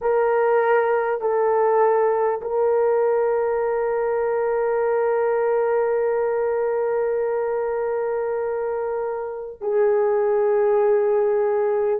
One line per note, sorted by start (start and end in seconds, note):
0.01 1.21 A#4
1.21 2.41 A4
2.41 9.61 A#4
9.61 11.99 G#4